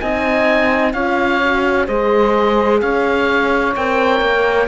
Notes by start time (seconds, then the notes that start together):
0.00 C4 D#4 D#5 G#5
0.93 C#4 F4 C#5 F5
1.42 F#4
1.87 G#3 G#4 C5 D#5
2.81 C#4 C#5 F5
3.76 C4 A#4 G5
4.21 A#3